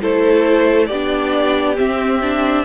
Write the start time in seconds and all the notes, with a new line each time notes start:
0.00 A3 E4 A4 C5
0.86 B3 G4 D5
0.92 D4
1.76 C4 E5
2.21 D4